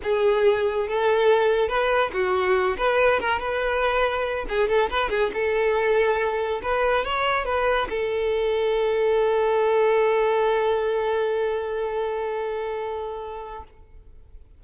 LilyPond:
\new Staff \with { instrumentName = "violin" } { \time 4/4 \tempo 4 = 141 gis'2 a'2 | b'4 fis'4. b'4 ais'8 | b'2~ b'8 gis'8 a'8 b'8 | gis'8 a'2. b'8~ |
b'8 cis''4 b'4 a'4.~ | a'1~ | a'1~ | a'1 | }